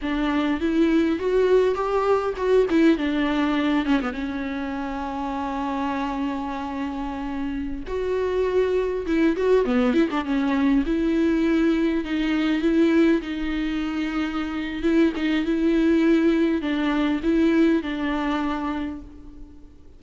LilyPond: \new Staff \with { instrumentName = "viola" } { \time 4/4 \tempo 4 = 101 d'4 e'4 fis'4 g'4 | fis'8 e'8 d'4. cis'16 b16 cis'4~ | cis'1~ | cis'4~ cis'16 fis'2 e'8 fis'16~ |
fis'16 b8 e'16 d'16 cis'4 e'4.~ e'16~ | e'16 dis'4 e'4 dis'4.~ dis'16~ | dis'4 e'8 dis'8 e'2 | d'4 e'4 d'2 | }